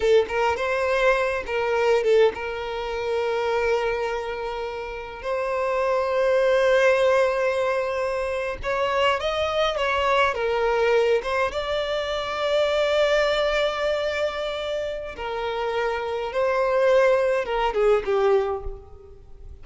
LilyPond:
\new Staff \with { instrumentName = "violin" } { \time 4/4 \tempo 4 = 103 a'8 ais'8 c''4. ais'4 a'8 | ais'1~ | ais'4 c''2.~ | c''2~ c''8. cis''4 dis''16~ |
dis''8. cis''4 ais'4. c''8 d''16~ | d''1~ | d''2 ais'2 | c''2 ais'8 gis'8 g'4 | }